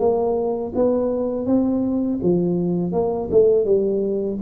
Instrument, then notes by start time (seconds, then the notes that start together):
tuba
0.00 A#3
0.75 B3
1.47 C4
2.23 F3
2.93 A#3
3.31 A3
3.66 G3